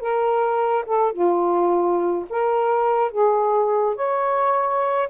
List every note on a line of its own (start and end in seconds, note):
0.00 0.85 A#4
0.86 1.12 A4
1.12 2.26 F4
2.30 3.11 A#4
3.11 3.95 G#4
3.95 5.09 C#5